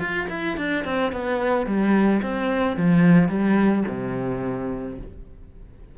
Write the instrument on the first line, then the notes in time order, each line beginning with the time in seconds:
cello
0.00 F4
0.30 E4
0.57 D4
0.85 C4
1.12 B3
1.67 G3
2.23 C4
2.77 F3
3.29 G3
3.89 C3